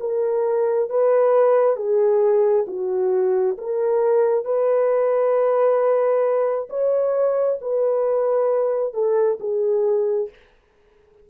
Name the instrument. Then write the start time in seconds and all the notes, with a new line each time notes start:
horn
0.00 A#4
0.90 B4
1.76 G#4
2.67 F#4
3.58 A#4
4.45 B4
6.70 C#5
7.62 B4
8.94 A4
9.40 G#4